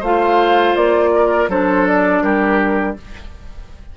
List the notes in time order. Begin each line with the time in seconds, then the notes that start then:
0.00 A3 F4 C5 F5
0.76 A#3 D5
1.16 A#4
1.48 F#3 D4 A4 C5
1.87 D5
2.23 G3 G4 A#4